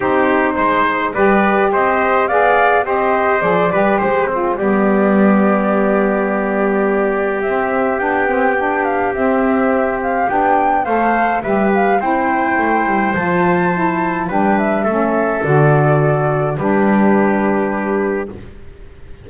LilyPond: <<
  \new Staff \with { instrumentName = "flute" } { \time 4/4 \tempo 4 = 105 c''2 d''4 dis''4 | f''4 dis''4 d''4 c''4 | d''1~ | d''4 e''4 g''4. f''8 |
e''4. f''8 g''4 f''4 | e''8 f''8 g''2 a''4~ | a''4 g''8 e''4. d''4~ | d''4 b'2. | }
  \new Staff \with { instrumentName = "trumpet" } { \time 4/4 g'4 c''4 b'4 c''4 | d''4 c''4. b'8 c''8 c'8 | g'1~ | g'1~ |
g'2. c''4 | b'4 c''2.~ | c''4 b'4 a'2~ | a'4 g'2. | }
  \new Staff \with { instrumentName = "saxophone" } { \time 4/4 dis'2 g'2 | gis'4 g'4 gis'8 g'4 f'8 | b1~ | b4 c'4 d'8 c'8 d'4 |
c'2 d'4 a'4 | g'4 e'2 f'4 | e'4 d'4 cis'4 fis'4~ | fis'4 d'2. | }
  \new Staff \with { instrumentName = "double bass" } { \time 4/4 c'4 gis4 g4 c'4 | b4 c'4 f8 g8 gis4 | g1~ | g4 c'4 b2 |
c'2 b4 a4 | g4 c'4 a8 g8 f4~ | f4 g4 a4 d4~ | d4 g2. | }
>>